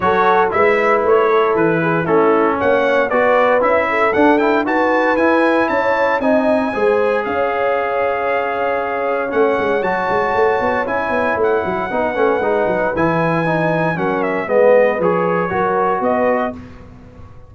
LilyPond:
<<
  \new Staff \with { instrumentName = "trumpet" } { \time 4/4 \tempo 4 = 116 cis''4 e''4 cis''4 b'4 | a'4 fis''4 d''4 e''4 | fis''8 g''8 a''4 gis''4 a''4 | gis''2 f''2~ |
f''2 fis''4 a''4~ | a''4 gis''4 fis''2~ | fis''4 gis''2 fis''8 e''8 | dis''4 cis''2 dis''4 | }
  \new Staff \with { instrumentName = "horn" } { \time 4/4 a'4 b'4. a'4 gis'8 | e'4 cis''4 b'4. a'8~ | a'4 b'2 cis''4 | dis''4 c''4 cis''2~ |
cis''1~ | cis''2. b'4~ | b'2. ais'4 | b'2 ais'4 b'4 | }
  \new Staff \with { instrumentName = "trombone" } { \time 4/4 fis'4 e'2. | cis'2 fis'4 e'4 | d'8 e'8 fis'4 e'2 | dis'4 gis'2.~ |
gis'2 cis'4 fis'4~ | fis'4 e'2 dis'8 cis'8 | dis'4 e'4 dis'4 cis'4 | b4 gis'4 fis'2 | }
  \new Staff \with { instrumentName = "tuba" } { \time 4/4 fis4 gis4 a4 e4 | a4 ais4 b4 cis'4 | d'4 dis'4 e'4 cis'4 | c'4 gis4 cis'2~ |
cis'2 a8 gis8 fis8 gis8 | a8 b8 cis'8 b8 a8 fis8 b8 a8 | gis8 fis8 e2 fis4 | gis4 f4 fis4 b4 | }
>>